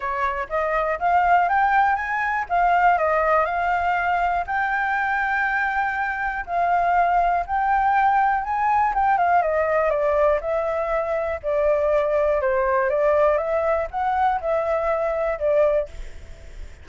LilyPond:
\new Staff \with { instrumentName = "flute" } { \time 4/4 \tempo 4 = 121 cis''4 dis''4 f''4 g''4 | gis''4 f''4 dis''4 f''4~ | f''4 g''2.~ | g''4 f''2 g''4~ |
g''4 gis''4 g''8 f''8 dis''4 | d''4 e''2 d''4~ | d''4 c''4 d''4 e''4 | fis''4 e''2 d''4 | }